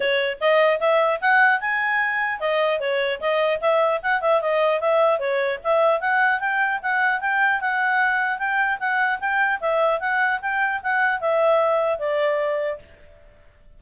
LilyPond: \new Staff \with { instrumentName = "clarinet" } { \time 4/4 \tempo 4 = 150 cis''4 dis''4 e''4 fis''4 | gis''2 dis''4 cis''4 | dis''4 e''4 fis''8 e''8 dis''4 | e''4 cis''4 e''4 fis''4 |
g''4 fis''4 g''4 fis''4~ | fis''4 g''4 fis''4 g''4 | e''4 fis''4 g''4 fis''4 | e''2 d''2 | }